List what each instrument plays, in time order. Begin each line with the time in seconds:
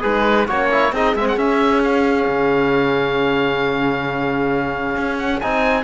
0.00 cello G#3, horn D#4, trombone G#4, oboe B4
0.47 cello A#3, horn C#4, trombone F#4, oboe C#5
0.71 trombone E4
0.92 cello C4, trombone D#4, horn G#4, oboe D#5
1.15 cello G#3, trombone C4, oboe E5
1.28 oboe F#5
1.36 cello C#4, trombone C#4, oboe E5
1.83 oboe F5
2.27 cello C#3
4.96 cello C#4
5.18 oboe F#5
5.40 cello C4, trombone D#4, oboe G#5